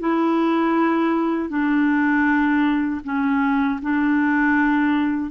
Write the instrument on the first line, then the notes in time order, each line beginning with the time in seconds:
clarinet
0.00 E4
1.49 D4
3.04 C#4
3.82 D4